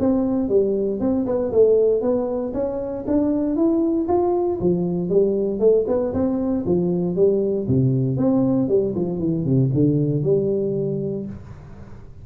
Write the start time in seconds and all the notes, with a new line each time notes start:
0.00 C4
0.49 G3
1.00 C4
1.26 B3
1.52 A3
2.02 B3
2.54 C#4
3.07 D4
3.56 E4
4.08 F4
4.60 F3
5.10 G3
5.60 A3
5.88 B3
6.14 C4
6.66 F3
7.16 G3
7.68 C3
8.17 C4
8.69 G3
8.96 F3
9.19 E3
9.45 C3
9.74 D3
10.24 G3